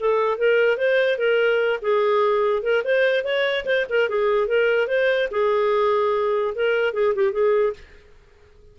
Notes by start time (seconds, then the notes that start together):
0.00 A4
0.38 A#4
0.78 C5
1.18 A#4
1.82 G#4
2.63 A#4
2.84 C5
3.24 C#5
3.66 C5
3.90 A#4
4.09 G#4
4.48 A#4
4.88 C5
5.31 G#4
6.55 A#4
6.94 G#4
7.15 G4
7.32 G#4